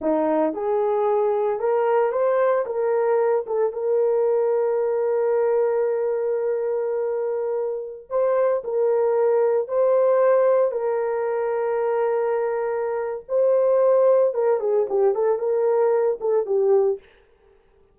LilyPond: \new Staff \with { instrumentName = "horn" } { \time 4/4 \tempo 4 = 113 dis'4 gis'2 ais'4 | c''4 ais'4. a'8 ais'4~ | ais'1~ | ais'2.~ ais'16 c''8.~ |
c''16 ais'2 c''4.~ c''16~ | c''16 ais'2.~ ais'8.~ | ais'4 c''2 ais'8 gis'8 | g'8 a'8 ais'4. a'8 g'4 | }